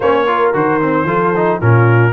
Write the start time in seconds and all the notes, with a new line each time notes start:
0.00 A#3 C#4 C5 C#5
0.27 F4 A#4
0.53 D#3 F#4 C5
0.81 C4
1.04 F3 F4 A4
1.35 D#4
1.60 A#2 C#4 F4 A#4